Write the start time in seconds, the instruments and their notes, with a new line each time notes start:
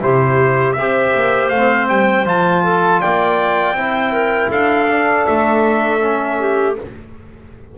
0.00 double bass C3, trombone E4, clarinet G4, trumpet C5
0.73 double bass C4, trombone G4, clarinet C5, trumpet E5
1.14 double bass A#3
1.49 double bass A3, trombone C4, trumpet F5
1.88 double bass G3, trumpet G5
2.25 double bass F3, trombone F4, trumpet A5
2.63 clarinet A4
3.00 double bass A#3, clarinet D5, trumpet G5
3.72 double bass C4, trombone E4
3.79 clarinet C5
4.12 clarinet A#4
4.50 double bass D4, clarinet A4, trumpet F5
4.88 trombone D4
5.26 double bass A3, trumpet E5
6.00 trombone C#4
6.39 clarinet G4